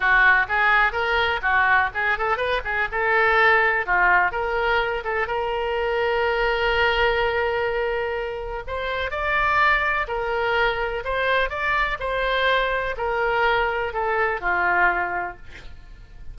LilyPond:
\new Staff \with { instrumentName = "oboe" } { \time 4/4 \tempo 4 = 125 fis'4 gis'4 ais'4 fis'4 | gis'8 a'8 b'8 gis'8 a'2 | f'4 ais'4. a'8 ais'4~ | ais'1~ |
ais'2 c''4 d''4~ | d''4 ais'2 c''4 | d''4 c''2 ais'4~ | ais'4 a'4 f'2 | }